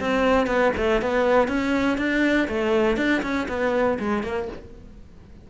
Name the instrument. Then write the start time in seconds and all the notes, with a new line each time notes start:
cello
0.00 C4
0.47 B3
0.77 A3
1.02 B3
1.48 C#4
1.98 D4
2.48 A3
2.97 D4
3.22 C#4
3.48 B3
3.99 G#3
4.23 A#3